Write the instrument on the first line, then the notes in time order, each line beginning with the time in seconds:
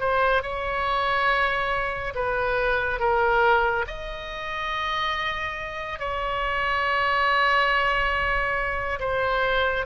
oboe
0.00 C5
0.42 C#5
2.15 B4
3.00 A#4
3.87 D#5
5.99 C#5
9.00 C5